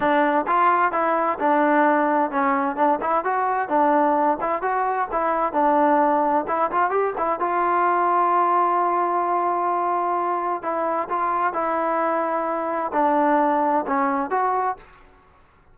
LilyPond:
\new Staff \with { instrumentName = "trombone" } { \time 4/4 \tempo 4 = 130 d'4 f'4 e'4 d'4~ | d'4 cis'4 d'8 e'8 fis'4 | d'4. e'8 fis'4 e'4 | d'2 e'8 f'8 g'8 e'8 |
f'1~ | f'2. e'4 | f'4 e'2. | d'2 cis'4 fis'4 | }